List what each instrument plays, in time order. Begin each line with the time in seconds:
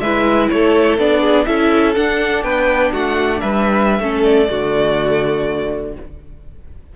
0.00 cello G#3, viola E4, violin B4 E5
0.50 cello A3, violin A4 C#5
0.98 cello B3, viola D4, violin D5
1.21 violin G#4
1.46 cello C#4, viola E4, violin A4 E5
1.94 viola D4, cello D4, violin F#5
2.43 cello B3, violin B4 G5
2.92 cello A3, violin F#4 F#5
3.40 cello G3, violin B4 E5
3.99 cello A3, viola C#4, violin A4
4.24 violin D5
4.47 cello D3, viola A3, violin F#4